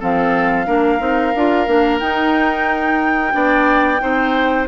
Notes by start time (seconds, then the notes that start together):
0.00 F3 C4 A4 F5
0.67 A#3 D4 A#4
0.99 C4 D#4
1.35 D4 F4
1.67 A#3 D4
1.99 D#4 G5
3.32 B3 D4 D5
4.00 C4 D#4 C5